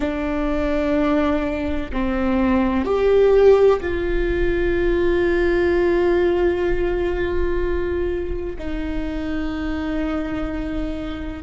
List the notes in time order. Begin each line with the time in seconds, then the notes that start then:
0.00 D4
1.92 C4
2.84 G4
3.81 F4
8.58 D#4